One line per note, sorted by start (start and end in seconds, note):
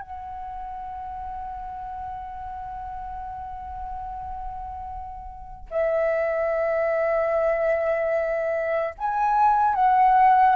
0.00 5.68 F#5
5.70 8.94 E5
8.97 9.74 G#5
9.74 10.55 F#5